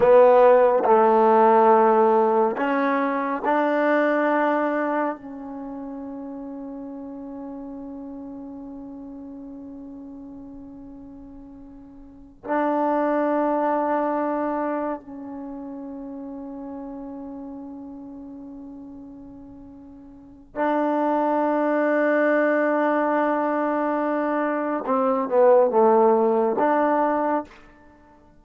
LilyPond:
\new Staff \with { instrumentName = "trombone" } { \time 4/4 \tempo 4 = 70 b4 a2 cis'4 | d'2 cis'2~ | cis'1~ | cis'2~ cis'8 d'4.~ |
d'4. cis'2~ cis'8~ | cis'1 | d'1~ | d'4 c'8 b8 a4 d'4 | }